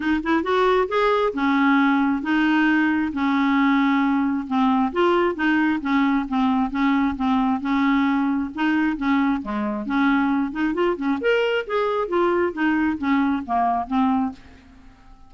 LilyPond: \new Staff \with { instrumentName = "clarinet" } { \time 4/4 \tempo 4 = 134 dis'8 e'8 fis'4 gis'4 cis'4~ | cis'4 dis'2 cis'4~ | cis'2 c'4 f'4 | dis'4 cis'4 c'4 cis'4 |
c'4 cis'2 dis'4 | cis'4 gis4 cis'4. dis'8 | f'8 cis'8 ais'4 gis'4 f'4 | dis'4 cis'4 ais4 c'4 | }